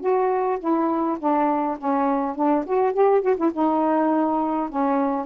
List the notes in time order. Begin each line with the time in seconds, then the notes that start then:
0.00 F#4
0.59 E4
1.19 D4
1.78 C#4
2.35 D4
2.66 F#4
2.93 G4
3.21 F#4
3.37 E4
3.53 D#4
4.69 C#4